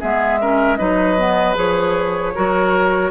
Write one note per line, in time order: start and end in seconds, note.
0.00 0.80 G#3
0.00 0.40 B3
0.00 0.39 G#4
0.00 0.77 E5
0.41 0.78 C#4
0.41 0.78 A#4
0.77 1.57 F#3
0.77 1.17 D#4
0.77 2.34 B4
0.77 1.55 D#5
1.17 1.55 B3
1.55 2.35 F3
1.55 2.33 G#4
1.55 3.12 C#5
2.35 3.12 F#3
2.35 3.12 F#4
2.35 3.12 A#4